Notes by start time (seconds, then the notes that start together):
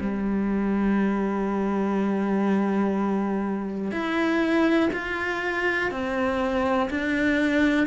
0.00 G3
3.91 E4
4.93 F4
5.91 C4
6.90 D4